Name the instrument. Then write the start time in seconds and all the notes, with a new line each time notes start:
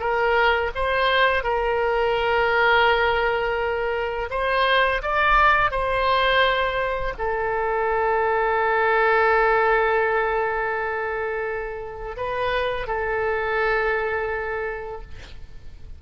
oboe
0.00 A#4
0.76 C5
1.44 A#4
4.31 C5
5.03 D5
5.71 C5
7.19 A4
12.17 B4
12.88 A4